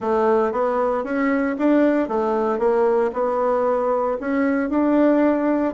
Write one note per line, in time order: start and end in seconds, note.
0.00 0.52 A3
0.52 1.03 B3
1.03 1.56 C#4
1.58 2.08 D4
2.08 2.58 A3
2.58 3.10 A#3
3.13 4.17 B3
4.20 4.69 C#4
4.69 5.73 D4